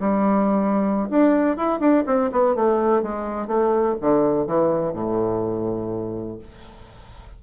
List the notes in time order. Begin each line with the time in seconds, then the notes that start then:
0.00 G3
1.10 D4
1.57 E4
1.80 D4
2.07 C4
2.32 B3
2.55 A3
3.03 G#3
3.48 A3
4.01 D3
4.47 E3
4.93 A2